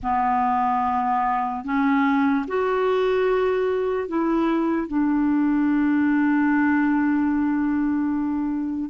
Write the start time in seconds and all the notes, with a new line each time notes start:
0.02 B3
1.64 C#4
2.47 F#4
4.08 E4
4.87 D4